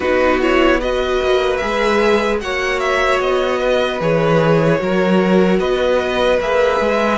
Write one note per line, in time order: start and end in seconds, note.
0.00 1.19 B3
0.00 0.40 D#4
0.00 0.77 F#4
0.00 0.40 B4
0.40 0.80 E4
0.40 0.80 C#5
0.80 1.60 F#4
0.80 2.40 B4
0.80 1.57 D#5
1.22 1.62 A#3
1.57 2.40 G#4
1.57 2.37 E5
1.63 2.42 G#3
2.41 3.20 A#3
2.41 4.00 F#4
2.41 3.59 C#5
2.41 2.79 F#5
2.79 3.19 E5
3.20 4.00 B3
3.20 4.00 D#5
3.59 4.79 B4
4.00 4.80 E3
4.00 4.78 G#4
4.00 5.59 C#5
4.78 5.59 F#3
4.78 6.38 F#4
4.78 5.59 A#4
5.59 6.39 B3
5.59 7.18 B4
5.59 6.39 D#5
6.40 6.80 A#3
6.40 7.18 G#4
6.40 7.18 E5
6.80 7.18 G#3